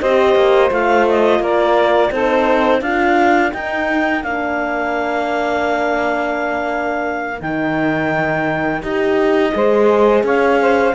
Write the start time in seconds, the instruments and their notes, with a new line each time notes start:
0.00 cello C4, horn G4, saxophone C5, clarinet D#5
0.35 cello A#3
0.70 cello A3, horn F4, clarinet F5
1.08 clarinet D#5
1.39 cello A#3, saxophone A#4, clarinet D5
2.11 cello C4, horn D#4, saxophone A4, clarinet C5
2.79 cello D4, horn F4, saxophone A#4, clarinet F5
3.51 horn D#4, cello D#4, clarinet G5
4.23 cello A#3, horn D4, clarinet F5
7.40 cello D#3, horn D#4, clarinet G5
8.81 cello D#4, horn G4, clarinet D#5
9.52 cello G#3, horn G#4, saxophone C5
10.23 cello C#4, saxophone C#5, clarinet F5
10.61 saxophone C5